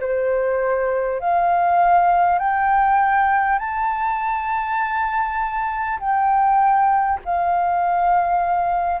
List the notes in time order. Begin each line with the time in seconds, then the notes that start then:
0.00 C5
1.19 F5
2.38 G5
3.58 A5
5.99 G5
7.24 F5